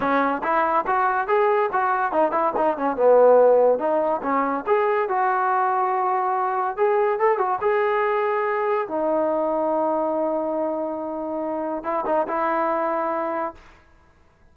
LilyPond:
\new Staff \with { instrumentName = "trombone" } { \time 4/4 \tempo 4 = 142 cis'4 e'4 fis'4 gis'4 | fis'4 dis'8 e'8 dis'8 cis'8 b4~ | b4 dis'4 cis'4 gis'4 | fis'1 |
gis'4 a'8 fis'8 gis'2~ | gis'4 dis'2.~ | dis'1 | e'8 dis'8 e'2. | }